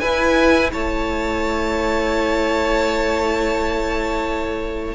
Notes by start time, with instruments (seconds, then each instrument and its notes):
0.00 cello E4, viola E4, violin B4 G#5
0.73 cello A3, violin C#5 A5